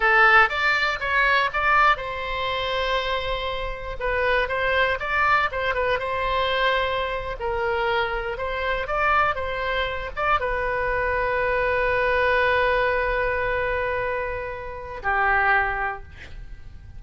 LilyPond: \new Staff \with { instrumentName = "oboe" } { \time 4/4 \tempo 4 = 120 a'4 d''4 cis''4 d''4 | c''1 | b'4 c''4 d''4 c''8 b'8 | c''2~ c''8. ais'4~ ais'16~ |
ais'8. c''4 d''4 c''4~ c''16~ | c''16 d''8 b'2.~ b'16~ | b'1~ | b'2 g'2 | }